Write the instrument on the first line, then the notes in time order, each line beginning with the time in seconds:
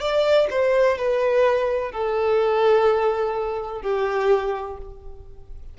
violin
0.00 D5
0.50 C5
0.98 B4
1.92 A4
3.82 G4